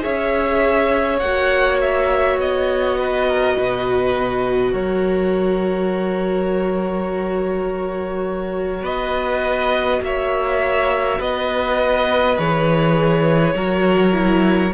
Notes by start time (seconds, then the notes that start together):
0.00 C#4 G#4 C#5 E5
1.19 A#3 F#4 F#5
1.81 E5
2.38 B3 D#5
2.99 B4
3.28 A#4
3.58 B2 B4
4.72 F#3 A#4 C#5
8.83 B3 B4 D#5
10.02 A#3 C#5 E5
11.19 B3 B4 D#5
12.37 E3 G#4 C#5
13.55 F#3 F#4 A#4
14.13 E4